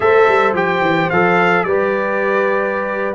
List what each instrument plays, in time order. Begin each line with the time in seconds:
0.00 tuba A3, trombone A4, horn C5, trumpet E5
0.27 tuba G3
0.53 tuba F3, trombone G4, trumpet G5
0.81 tuba E3
1.10 tuba F3, trombone A4, trumpet F5
1.64 tuba G3, trombone G4, horn B4, trumpet D5